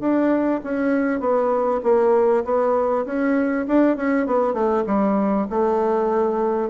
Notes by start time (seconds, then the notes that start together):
0.00 D4
0.64 C#4
1.20 B3
1.83 A#3
2.45 B3
3.06 C#4
3.67 D4
3.96 C#4
4.26 B3
4.53 A3
4.87 G3
5.50 A3